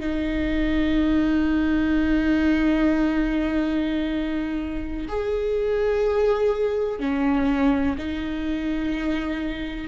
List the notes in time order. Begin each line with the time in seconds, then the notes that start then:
0.00 D#4
5.09 G#4
7.00 C#4
7.98 D#4